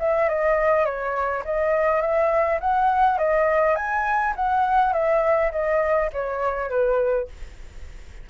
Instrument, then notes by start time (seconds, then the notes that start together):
flute
0.00 E5
0.29 D#5
0.86 C#5
1.45 D#5
2.02 E5
2.61 F#5
3.19 D#5
3.76 G#5
4.37 F#5
4.93 E5
5.52 D#5
6.13 C#5
6.70 B4